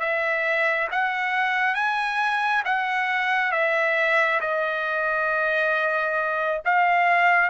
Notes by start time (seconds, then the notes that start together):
0.00 E5
0.92 F#5
1.75 G#5
2.65 F#5
3.52 E5
4.41 D#5
6.65 F5